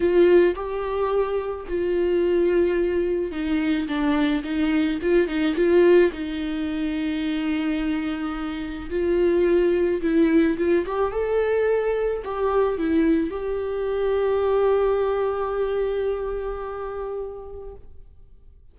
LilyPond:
\new Staff \with { instrumentName = "viola" } { \time 4/4 \tempo 4 = 108 f'4 g'2 f'4~ | f'2 dis'4 d'4 | dis'4 f'8 dis'8 f'4 dis'4~ | dis'1 |
f'2 e'4 f'8 g'8 | a'2 g'4 e'4 | g'1~ | g'1 | }